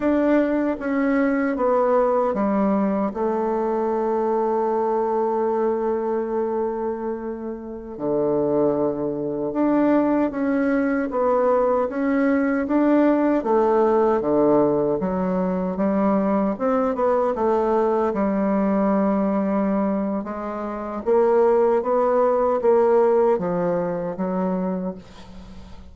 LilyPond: \new Staff \with { instrumentName = "bassoon" } { \time 4/4 \tempo 4 = 77 d'4 cis'4 b4 g4 | a1~ | a2~ a16 d4.~ d16~ | d16 d'4 cis'4 b4 cis'8.~ |
cis'16 d'4 a4 d4 fis8.~ | fis16 g4 c'8 b8 a4 g8.~ | g2 gis4 ais4 | b4 ais4 f4 fis4 | }